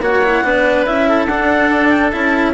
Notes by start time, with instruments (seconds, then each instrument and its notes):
0.00 bassoon A#3, cello F#4, oboe C#5, clarinet F#5
0.24 cello E4
0.44 bassoon B3, cello D4, oboe B4
0.85 bassoon C#4, cello E4, clarinet E5
1.08 oboe A4
1.26 bassoon D4, cello D4, clarinet F#5
1.89 clarinet G5
2.12 bassoon C#4, cello E4, clarinet A5